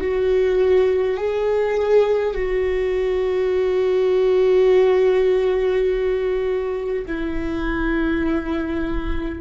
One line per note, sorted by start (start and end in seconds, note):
0.00 1.17 F#4
1.17 2.34 G#4
2.34 7.05 F#4
7.05 9.40 E4